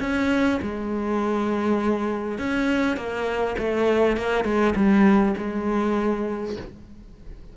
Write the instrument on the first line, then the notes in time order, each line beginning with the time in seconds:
cello
0.00 C#4
0.62 G#3
2.38 C#4
2.97 A#3
3.58 A3
4.17 A#3
4.44 G#3
4.76 G3
5.38 G#3